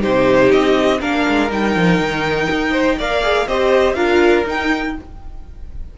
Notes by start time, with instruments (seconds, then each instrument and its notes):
0.00 cello C3, viola D#4, violin G4 C5
0.52 cello C4, violin D#5
1.00 cello A#3, viola D4, violin A#4 F5
1.29 cello G#3
1.50 cello G3, viola D#4, violin G5
1.76 cello F3
1.99 cello D#3
2.51 cello D#4
2.72 violin C5
2.98 cello A#3, viola A#4, violin D5 F5
3.23 viola G#4
3.47 cello C4, viola G4, violin C5 D#5
3.94 cello D4, viola F4, violin A#4 F5
4.45 viola D#4, cello D#4, violin G5